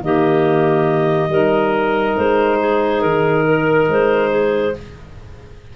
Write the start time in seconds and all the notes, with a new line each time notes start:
0.00 D#3 A#3 G4 D#5
1.29 G3 D#4 A#4
2.17 G#3 C5
2.60 G#4
3.01 D#3 A#4
3.46 A#4
3.89 G#3 C5
4.31 G#4